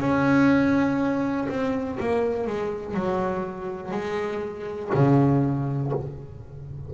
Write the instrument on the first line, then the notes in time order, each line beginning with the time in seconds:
double bass
0.00 C#4
1.48 C4
2.00 A#3
2.46 G#3
2.94 F#3
3.91 G#3
4.94 C#3